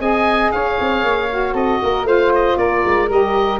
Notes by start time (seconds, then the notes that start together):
0.00 C4 G#4 D#5 G#5
0.52 C#4 C#5 F5
0.80 C4
1.03 A#3
1.30 F#4
1.54 C4 A4 D#5
1.83 A#3 A#4
2.04 A3 F4 C5 F5
2.35 D#5
2.57 A#3 A#4 D5
2.86 G#3
3.09 G3 G4 D#5